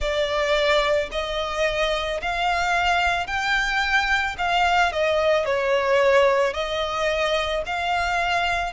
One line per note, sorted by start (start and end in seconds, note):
0.00 1.09 D5
1.12 2.21 D#5
2.21 3.27 F5
3.27 4.36 G5
4.37 4.92 F5
4.92 5.45 D#5
5.45 6.53 C#5
6.53 7.62 D#5
7.66 8.72 F5